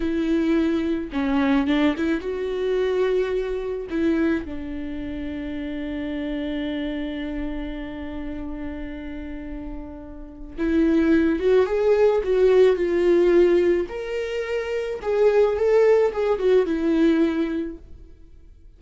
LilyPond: \new Staff \with { instrumentName = "viola" } { \time 4/4 \tempo 4 = 108 e'2 cis'4 d'8 e'8 | fis'2. e'4 | d'1~ | d'1~ |
d'2. e'4~ | e'8 fis'8 gis'4 fis'4 f'4~ | f'4 ais'2 gis'4 | a'4 gis'8 fis'8 e'2 | }